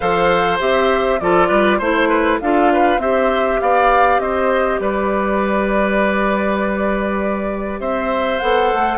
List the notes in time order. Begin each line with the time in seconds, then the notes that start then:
0.00 F3 A4 C5 F5
0.59 C4 G4 E5
1.19 F3 F4 A4 D5
1.48 G3 B4
1.78 A3 E4 C5
2.08 B4
2.40 D4 F4 A4 F5
2.73 B4
2.98 C4 G4 C5 E5
3.60 B3 D5 F5
4.19 C4 C5 D#5
4.79 G3 B4 D5
7.79 C4 C5 E5
8.39 B3 A4 F#5
8.73 A3